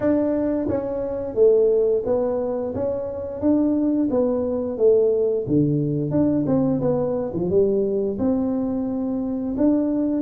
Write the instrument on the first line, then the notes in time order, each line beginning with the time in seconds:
tuba
0.00 D4
0.68 C#4
1.35 A3
2.05 B3
2.74 C#4
3.40 D4
4.10 B3
4.77 A3
5.47 D3
6.10 D4
6.46 C4
6.81 B3
7.33 F3
7.50 G3
8.18 C4
9.57 D4